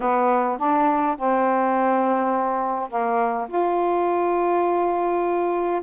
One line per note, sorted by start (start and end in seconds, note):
0.00 0.58 B3
0.58 1.16 D4
1.16 2.89 C4
2.89 3.47 A#3
3.48 5.81 F4